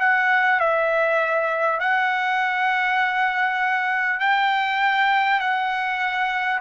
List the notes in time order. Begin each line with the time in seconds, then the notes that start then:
0.00 F#5
0.60 E5
1.80 F#5
4.20 G5
5.40 F#5